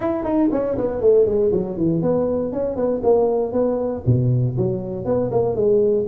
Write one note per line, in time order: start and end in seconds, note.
0.00 0.23 E4
0.23 0.49 D#4
0.52 0.77 C#4
0.77 1.01 B3
1.01 1.26 A3
1.26 1.51 G#3
1.52 1.77 F#3
1.77 2.01 E3
2.01 2.52 B3
2.52 2.76 C#4
2.76 3.01 B3
3.03 3.52 A#3
3.52 4.02 B3
4.06 4.56 B2
4.57 5.05 F#3
5.05 5.30 B3
5.31 5.55 A#3
5.55 6.05 G#3